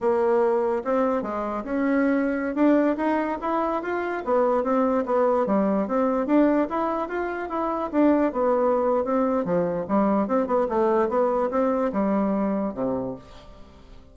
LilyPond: \new Staff \with { instrumentName = "bassoon" } { \time 4/4 \tempo 4 = 146 ais2 c'4 gis4 | cis'2~ cis'16 d'4 dis'8.~ | dis'16 e'4 f'4 b4 c'8.~ | c'16 b4 g4 c'4 d'8.~ |
d'16 e'4 f'4 e'4 d'8.~ | d'16 b4.~ b16 c'4 f4 | g4 c'8 b8 a4 b4 | c'4 g2 c4 | }